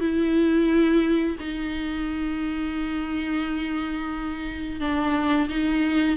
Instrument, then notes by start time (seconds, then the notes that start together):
viola
0.00 E4
1.39 D#4
4.80 D4
5.49 D#4